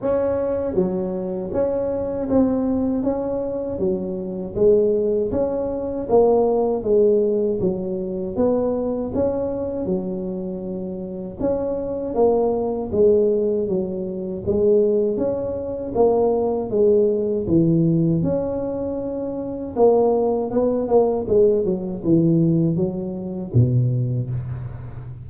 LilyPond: \new Staff \with { instrumentName = "tuba" } { \time 4/4 \tempo 4 = 79 cis'4 fis4 cis'4 c'4 | cis'4 fis4 gis4 cis'4 | ais4 gis4 fis4 b4 | cis'4 fis2 cis'4 |
ais4 gis4 fis4 gis4 | cis'4 ais4 gis4 e4 | cis'2 ais4 b8 ais8 | gis8 fis8 e4 fis4 b,4 | }